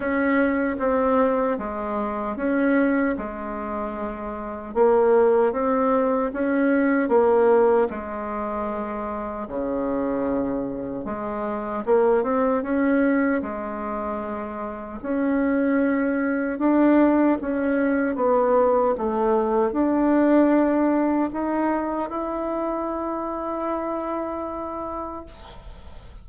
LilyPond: \new Staff \with { instrumentName = "bassoon" } { \time 4/4 \tempo 4 = 76 cis'4 c'4 gis4 cis'4 | gis2 ais4 c'4 | cis'4 ais4 gis2 | cis2 gis4 ais8 c'8 |
cis'4 gis2 cis'4~ | cis'4 d'4 cis'4 b4 | a4 d'2 dis'4 | e'1 | }